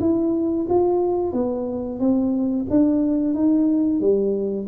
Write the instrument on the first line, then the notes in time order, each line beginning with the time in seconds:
tuba
0.00 E4
0.69 F4
1.33 B3
1.99 C4
2.70 D4
3.34 D#4
4.00 G3